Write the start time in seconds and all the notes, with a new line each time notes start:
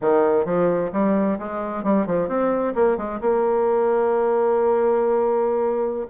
0.01 D#3
0.45 F3
0.92 G3
1.39 G#3
1.83 G3
2.06 F3
2.28 C4
2.74 A#3
2.97 G#3
3.20 A#3